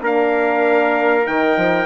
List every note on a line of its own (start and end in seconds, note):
0.00 1.27 A#3
0.00 1.24 D4
0.00 1.86 A#4
0.00 1.27 F5
1.24 1.57 D#3
1.24 1.86 D#4
1.24 1.86 G5
1.57 1.86 F3